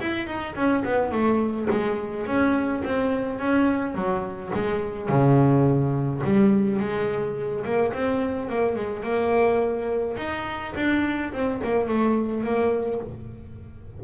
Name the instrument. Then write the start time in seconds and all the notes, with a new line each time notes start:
double bass
0.00 E4
0.26 D#4
0.55 C#4
0.84 B3
1.11 A3
1.70 G#3
2.26 C#4
2.84 C4
3.39 C#4
3.95 F#3
4.54 G#3
5.08 C#3
6.24 G3
6.79 G#3
7.64 A#3
7.93 C4
8.49 A#3
8.75 G#3
9.03 A#3
10.17 D#4
10.75 D4
11.33 C4
11.63 A#3
11.88 A3
12.43 A#3